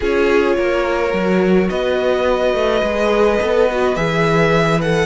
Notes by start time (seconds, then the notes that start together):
0.00 C#4 F4 G#4 C#5
0.56 A#3 A#4
1.13 F#3 F#4
1.69 B3 B4 D#5
2.53 A3
2.82 G#3 G#4
3.40 B3 A4
3.71 F#4
3.95 E3 G#4 E5
4.81 A4 F#5